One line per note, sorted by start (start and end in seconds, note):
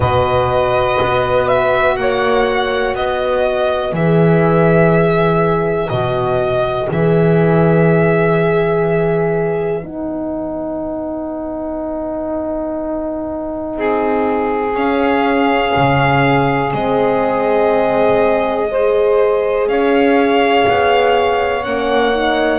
0.00 0.98 B2
0.00 3.94 F#4
0.00 1.96 B4
0.00 1.48 D#5
1.01 1.97 B3
1.48 1.96 E5
1.96 2.94 A#3
1.96 2.97 C#5
1.96 2.94 F#5
2.94 3.92 B3
2.94 13.77 B4
2.94 3.94 D#5
3.92 5.89 E3
3.92 5.90 G#4
3.92 5.89 E5
5.89 6.89 B2
5.89 6.87 F#4
5.89 6.87 D#5
6.87 9.83 E3
6.87 9.82 G#4
6.87 9.85 E5
9.83 13.76 B3
9.83 14.75 D#4
9.83 14.75 F#5
13.76 14.73 C4
13.76 18.69 G#4
14.73 15.71 C#4
14.73 16.70 C#4
14.73 16.72 F5
15.75 16.73 C#3
16.70 19.67 G#3
16.70 18.67 C4
16.70 19.67 D#5
18.68 21.63 G#4
18.68 19.68 C5
19.67 20.65 C#4
19.67 22.58 C#5
19.67 21.63 F5
20.67 21.65 B3
21.63 22.58 A#3
21.63 22.13 C#4
21.63 22.58 F#5
22.13 22.58 D#4